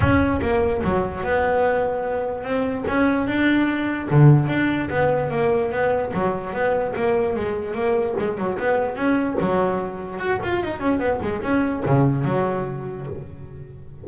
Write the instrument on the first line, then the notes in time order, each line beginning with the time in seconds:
double bass
0.00 C#4
0.41 A#3
0.83 F#3
1.23 B3
2.43 C4
2.87 C#4
3.27 D4
4.10 D3
4.48 D4
4.90 B3
5.30 A#3
5.71 B3
6.13 F#3
6.53 B3
6.95 A#3
7.35 G#3
7.74 A#3
8.18 G#3
8.37 F#3
8.58 B3
8.96 C#4
9.40 F#3
10.19 F#4
10.43 F4
10.63 D#4
10.80 C#4
10.99 B3
11.22 G#3
11.42 C#4
11.85 C#3
12.24 F#3